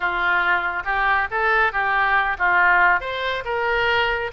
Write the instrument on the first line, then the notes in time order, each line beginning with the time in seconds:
oboe
0.00 F4
0.84 G4
1.30 A4
1.72 G4
2.38 F4
3.00 C5
3.44 A#4